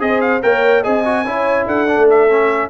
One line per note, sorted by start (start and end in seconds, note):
0.00 0.42 C4
0.00 0.41 G#4
0.00 0.21 D#5
0.07 0.44 C5
0.21 0.42 F5
0.43 0.85 A#3
0.43 0.84 A#4
0.43 0.83 C#5
0.43 0.84 G5
0.83 1.25 C4
0.83 1.04 G#4
0.83 1.24 D#5
0.83 1.67 G#5
1.05 1.26 F#4
1.25 1.66 C#4
1.25 1.88 E4
1.25 1.67 C#5
1.66 1.97 D4
1.66 2.70 A4
1.66 2.09 F#5
1.88 2.29 D4
1.97 2.70 A3
2.10 2.70 E5
2.29 2.70 C#4